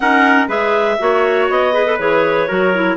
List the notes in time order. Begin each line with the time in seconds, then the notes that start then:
0.00 C#4 D#4 A#4 F#5
0.47 G#3 G#4 B4 E5
0.99 A#3 F#4 C#5
1.49 B3 D#5
1.72 G#4 B4
1.85 A4
1.98 E3 G#4 C#5
2.48 F#3 F#4 A#4
2.74 E4